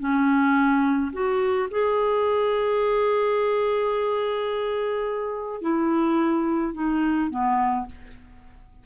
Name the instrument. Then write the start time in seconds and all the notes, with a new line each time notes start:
clarinet
0.00 C#4
1.13 F#4
1.71 G#4
5.62 E4
6.74 D#4
7.31 B3